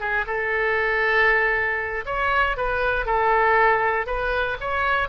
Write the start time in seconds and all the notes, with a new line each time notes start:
0.00 G#4
0.27 A4
2.06 C#5
2.57 B4
3.06 A4
4.07 B4
4.60 C#5